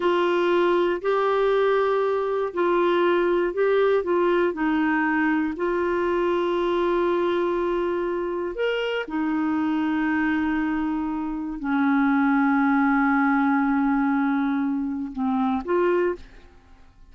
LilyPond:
\new Staff \with { instrumentName = "clarinet" } { \time 4/4 \tempo 4 = 119 f'2 g'2~ | g'4 f'2 g'4 | f'4 dis'2 f'4~ | f'1~ |
f'4 ais'4 dis'2~ | dis'2. cis'4~ | cis'1~ | cis'2 c'4 f'4 | }